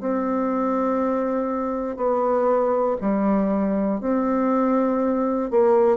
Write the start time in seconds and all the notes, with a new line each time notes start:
0.00 C4
1.96 B3
3.00 G3
4.00 C4
5.50 A#3